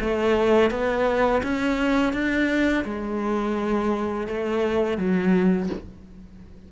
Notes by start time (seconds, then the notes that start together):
0.00 A3
0.70 B3
1.43 C#4
2.13 D4
2.85 G#3
4.28 A3
4.98 F#3